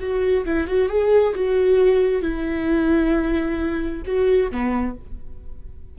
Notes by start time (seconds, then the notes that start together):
0.00 F#4
0.46 E4
0.67 F#4
0.89 G#4
1.35 F#4
2.22 E4
4.06 F#4
4.51 B3